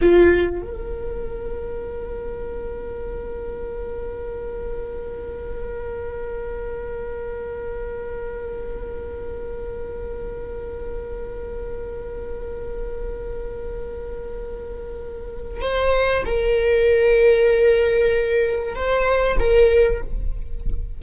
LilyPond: \new Staff \with { instrumentName = "viola" } { \time 4/4 \tempo 4 = 96 f'4 ais'2.~ | ais'1~ | ais'1~ | ais'1~ |
ais'1~ | ais'1~ | ais'4 c''4 ais'2~ | ais'2 c''4 ais'4 | }